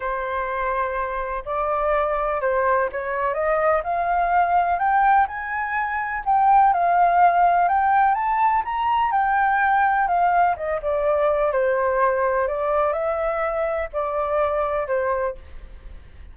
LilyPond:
\new Staff \with { instrumentName = "flute" } { \time 4/4 \tempo 4 = 125 c''2. d''4~ | d''4 c''4 cis''4 dis''4 | f''2 g''4 gis''4~ | gis''4 g''4 f''2 |
g''4 a''4 ais''4 g''4~ | g''4 f''4 dis''8 d''4. | c''2 d''4 e''4~ | e''4 d''2 c''4 | }